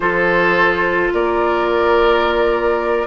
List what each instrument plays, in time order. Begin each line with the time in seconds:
0.00 bassoon F3, clarinet F4, oboe A4, flute C5
1.13 bassoon A#3, oboe A#4, flute D5